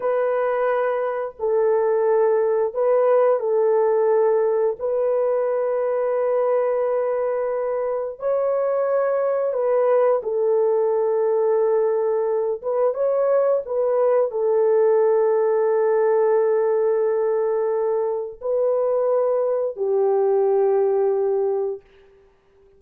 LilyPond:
\new Staff \with { instrumentName = "horn" } { \time 4/4 \tempo 4 = 88 b'2 a'2 | b'4 a'2 b'4~ | b'1 | cis''2 b'4 a'4~ |
a'2~ a'8 b'8 cis''4 | b'4 a'2.~ | a'2. b'4~ | b'4 g'2. | }